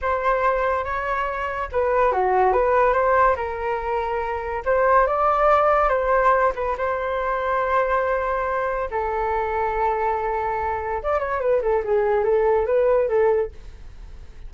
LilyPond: \new Staff \with { instrumentName = "flute" } { \time 4/4 \tempo 4 = 142 c''2 cis''2 | b'4 fis'4 b'4 c''4 | ais'2. c''4 | d''2 c''4. b'8 |
c''1~ | c''4 a'2.~ | a'2 d''8 cis''8 b'8 a'8 | gis'4 a'4 b'4 a'4 | }